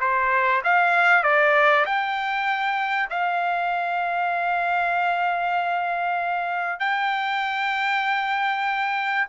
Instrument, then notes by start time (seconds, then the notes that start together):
trumpet
0.00 C5
0.64 F5
1.23 D5
1.86 G5
3.10 F5
6.80 G5